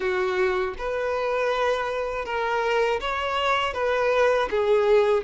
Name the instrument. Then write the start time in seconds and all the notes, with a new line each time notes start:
violin
0.00 F#4
0.78 B4
2.25 A#4
3.00 C#5
3.73 B4
4.50 G#4